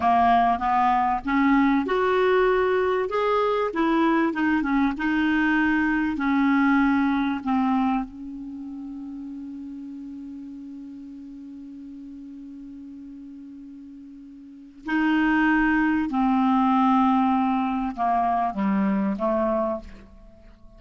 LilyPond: \new Staff \with { instrumentName = "clarinet" } { \time 4/4 \tempo 4 = 97 ais4 b4 cis'4 fis'4~ | fis'4 gis'4 e'4 dis'8 cis'8 | dis'2 cis'2 | c'4 cis'2.~ |
cis'1~ | cis'1 | dis'2 c'2~ | c'4 ais4 g4 a4 | }